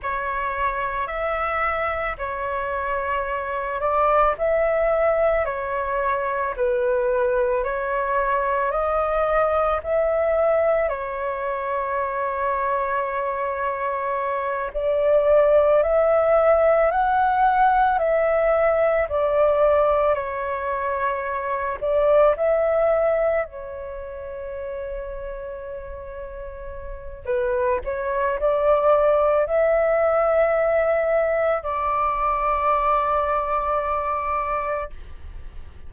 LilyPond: \new Staff \with { instrumentName = "flute" } { \time 4/4 \tempo 4 = 55 cis''4 e''4 cis''4. d''8 | e''4 cis''4 b'4 cis''4 | dis''4 e''4 cis''2~ | cis''4. d''4 e''4 fis''8~ |
fis''8 e''4 d''4 cis''4. | d''8 e''4 cis''2~ cis''8~ | cis''4 b'8 cis''8 d''4 e''4~ | e''4 d''2. | }